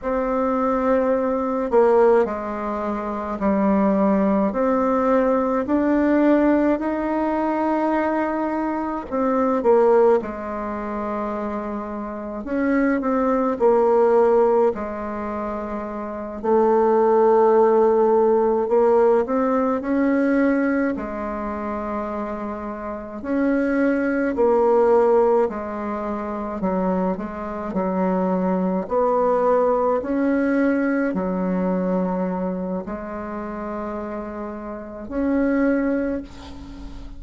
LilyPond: \new Staff \with { instrumentName = "bassoon" } { \time 4/4 \tempo 4 = 53 c'4. ais8 gis4 g4 | c'4 d'4 dis'2 | c'8 ais8 gis2 cis'8 c'8 | ais4 gis4. a4.~ |
a8 ais8 c'8 cis'4 gis4.~ | gis8 cis'4 ais4 gis4 fis8 | gis8 fis4 b4 cis'4 fis8~ | fis4 gis2 cis'4 | }